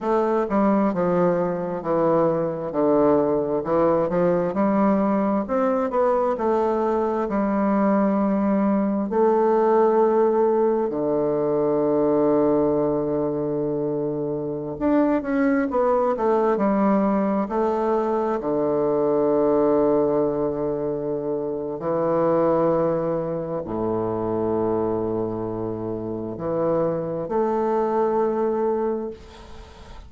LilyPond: \new Staff \with { instrumentName = "bassoon" } { \time 4/4 \tempo 4 = 66 a8 g8 f4 e4 d4 | e8 f8 g4 c'8 b8 a4 | g2 a2 | d1~ |
d16 d'8 cis'8 b8 a8 g4 a8.~ | a16 d2.~ d8. | e2 a,2~ | a,4 e4 a2 | }